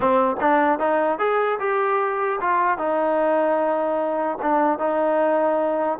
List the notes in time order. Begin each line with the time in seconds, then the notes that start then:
0.00 C4
0.40 D4
0.79 D#4
1.19 G#4
1.59 G4
2.41 F4
2.78 D#4
4.42 D4
4.78 D#4